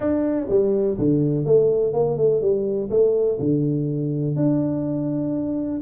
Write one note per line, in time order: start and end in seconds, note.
0.00 0.47 D4
0.49 0.97 G3
0.98 1.45 D3
1.45 1.93 A3
1.93 2.17 A#3
2.17 2.41 A3
2.41 2.89 G3
2.89 3.38 A3
3.39 4.36 D3
4.36 5.81 D4